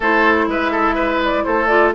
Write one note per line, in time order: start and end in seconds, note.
0.00 0.47 A3
0.00 1.68 E4
0.00 0.45 A4
0.00 0.50 C5
0.47 1.43 G#3
0.47 0.71 B4
0.47 1.23 E5
0.71 0.94 A4
0.94 1.43 B4
1.24 1.43 D5
1.43 1.94 A3
1.43 1.94 A4
1.43 1.67 C5
1.67 1.93 F4
1.67 1.91 D5